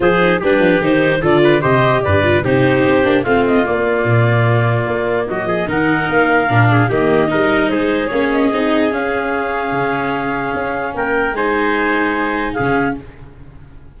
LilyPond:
<<
  \new Staff \with { instrumentName = "clarinet" } { \time 4/4 \tempo 4 = 148 c''4 b'4 c''4 d''4 | dis''4 d''4 c''2 | f''8 dis''8 d''2.~ | d''4 dis''4 fis''4 f''4~ |
f''4 dis''2 c''4 | cis''8 dis''4. f''2~ | f''2. g''4 | gis''2. f''4 | }
  \new Staff \with { instrumentName = "trumpet" } { \time 4/4 gis'4 g'2 a'8 b'8 | c''4 b'4 g'2 | f'1~ | f'4 fis'8 gis'8 ais'2~ |
ais'8 gis'8 g'4 ais'4 gis'4~ | gis'1~ | gis'2. ais'4 | c''2. gis'4 | }
  \new Staff \with { instrumentName = "viola" } { \time 4/4 f'8 dis'8 d'4 dis'4 f'4 | g'4. f'8 dis'4. d'8 | c'4 ais2.~ | ais2 dis'2 |
d'4 ais4 dis'2 | cis'4 dis'4 cis'2~ | cis'1 | dis'2. cis'4 | }
  \new Staff \with { instrumentName = "tuba" } { \time 4/4 f4 g8 f8 dis4 d4 | c4 g,4 c4 c'8 ais8 | a4 ais4 ais,2 | ais4 fis8 f8 dis4 ais4 |
ais,4 dis4 g4 gis4 | ais4 c'4 cis'2 | cis2 cis'4 ais4 | gis2. cis4 | }
>>